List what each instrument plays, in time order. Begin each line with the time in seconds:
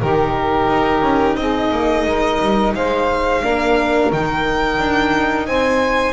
0.00 double bass D#3, viola D#4, saxophone G4, violin A#4
0.68 double bass D#4
1.01 double bass C#4
1.36 double bass C4, saxophone G#4, violin D#5
1.71 double bass A#3
2.05 double bass G#3, saxophone A#4
2.40 double bass G3
2.74 double bass G#3, saxophone C5, violin F5
3.42 double bass A#3, viola D4, saxophone A#4
4.12 double bass D#3, viola D#4, violin G5
4.79 double bass D4
5.46 double bass C4, saxophone C5, violin G#5